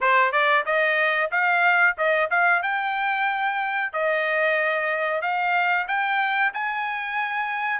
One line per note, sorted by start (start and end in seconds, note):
0.00 0.31 C5
0.31 0.64 D5
0.65 1.30 D#5
1.31 1.96 F5
1.97 2.30 D#5
2.30 2.62 F5
2.62 3.92 G5
3.92 5.21 D#5
5.21 5.86 F5
5.87 6.52 G5
6.53 7.80 G#5